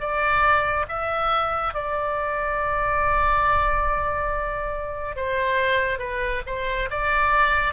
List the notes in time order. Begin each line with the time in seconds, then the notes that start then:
0.00 D5
0.88 E5
1.74 D5
5.16 C5
5.99 B4
6.47 C5
6.90 D5